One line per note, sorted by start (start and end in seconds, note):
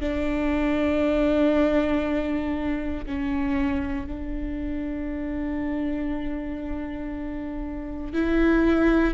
0.00 3.05 D4
3.06 4.07 C#4
4.07 8.13 D4
8.13 9.14 E4